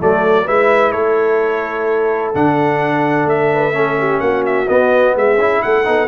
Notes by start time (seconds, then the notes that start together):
0.00 F#3 A3 A4 D5
0.45 G#3 E4 B4 E5
0.91 A3 A4 C#5
2.35 D3 D4 F#5
3.26 A3 E5
3.53 B4
3.72 C#4 A4
3.99 G4
4.20 A#3 F#4 F#5
4.45 E5
4.68 B3 D#5
5.15 G#3 G#4 E5
5.37 C#4 E4
5.62 A3 A4 F#5
5.84 B3 D#4